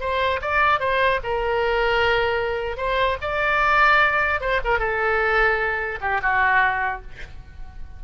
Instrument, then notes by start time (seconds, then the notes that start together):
oboe
0.00 C5
0.41 D5
0.80 C5
1.23 A#4
2.77 C5
3.21 D5
4.40 C5
4.64 A#4
4.79 A4
6.01 G4
6.21 F#4